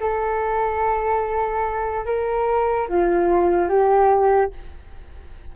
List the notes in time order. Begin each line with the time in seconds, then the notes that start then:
0.00 A4
2.05 A#4
2.88 F4
3.69 G4